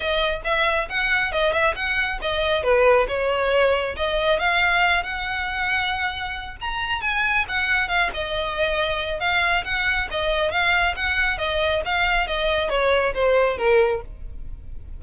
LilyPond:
\new Staff \with { instrumentName = "violin" } { \time 4/4 \tempo 4 = 137 dis''4 e''4 fis''4 dis''8 e''8 | fis''4 dis''4 b'4 cis''4~ | cis''4 dis''4 f''4. fis''8~ | fis''2. ais''4 |
gis''4 fis''4 f''8 dis''4.~ | dis''4 f''4 fis''4 dis''4 | f''4 fis''4 dis''4 f''4 | dis''4 cis''4 c''4 ais'4 | }